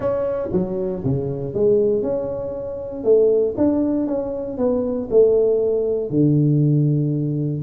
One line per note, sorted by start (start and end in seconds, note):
0.00 0.49 C#4
0.52 1.03 F#3
1.04 1.54 C#3
1.54 2.02 G#3
2.02 3.04 C#4
3.04 3.55 A3
3.57 4.07 D4
4.07 4.57 C#4
4.57 5.08 B3
5.10 6.10 A3
6.10 7.62 D3